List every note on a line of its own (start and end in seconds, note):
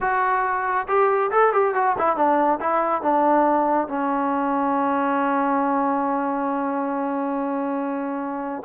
0.01 0.87 F#4
0.88 1.31 G4
1.31 1.52 A4
1.52 1.74 G4
1.74 1.96 F#4
1.98 2.16 E4
2.16 2.59 D4
2.60 3.02 E4
3.02 3.88 D4
3.88 8.63 C#4